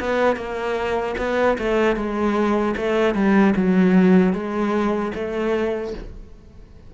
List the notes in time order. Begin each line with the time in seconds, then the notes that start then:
0.00 B3
0.37 A#3
1.18 B3
1.59 A3
1.97 G#3
2.77 A3
3.15 G3
3.56 F#3
4.33 G#3
5.15 A3